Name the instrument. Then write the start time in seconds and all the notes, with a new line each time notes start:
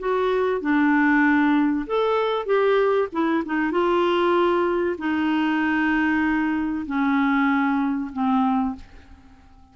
clarinet
0.00 F#4
0.61 D4
1.87 A4
2.46 G4
3.13 E4
3.46 D#4
3.72 F4
4.99 D#4
6.87 C#4
8.13 C4